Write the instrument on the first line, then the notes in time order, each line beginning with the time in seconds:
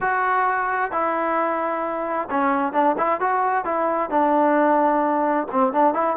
trombone
0.00 F#4
0.91 E4
2.30 C#4
2.73 D4
2.98 E4
3.20 F#4
3.64 E4
4.10 D4
5.51 C4
5.73 D4
5.94 E4